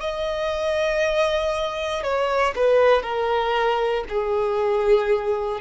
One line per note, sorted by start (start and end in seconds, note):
0.00 2.03 D#5
2.03 2.54 C#5
2.55 3.02 B4
3.02 4.04 A#4
4.08 5.61 G#4